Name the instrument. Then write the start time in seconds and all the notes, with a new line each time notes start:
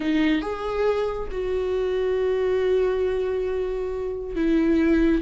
viola
0.00 D#4
0.41 G#4
1.31 F#4
4.35 E4